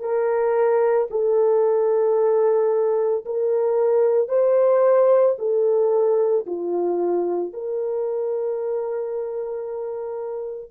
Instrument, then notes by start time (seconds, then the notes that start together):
horn
0.00 A#4
1.10 A4
3.25 A#4
4.28 C5
5.38 A4
6.46 F4
7.53 A#4